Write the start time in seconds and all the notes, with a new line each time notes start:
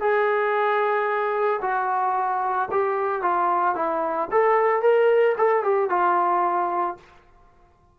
0.00 G#4
1.62 F#4
2.71 G4
3.22 F4
3.75 E4
4.31 A4
4.82 A#4
5.38 A4
5.63 G4
5.90 F4